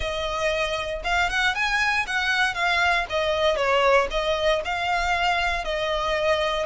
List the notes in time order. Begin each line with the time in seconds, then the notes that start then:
0.00 D#5
1.04 F5
1.29 F#5
1.54 G#5
2.07 F#5
2.54 F5
3.09 D#5
3.56 C#5
4.10 D#5
4.65 F5
5.64 D#5